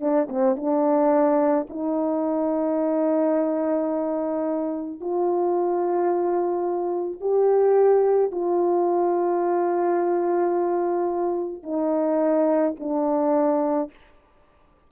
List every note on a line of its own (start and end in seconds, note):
0.00 0.28 D4
0.29 0.56 C4
0.56 1.67 D4
1.69 5.01 D#4
5.01 7.20 F4
7.20 8.31 G4
8.31 11.63 F4
11.63 12.74 D#4
12.79 13.90 D4